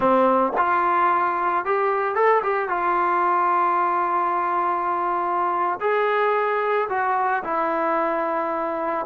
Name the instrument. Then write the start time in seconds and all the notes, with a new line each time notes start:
trombone
0.00 C4
0.57 F4
1.65 G4
2.15 A4
2.43 G4
2.69 F4
5.80 G#4
6.89 F#4
7.43 E4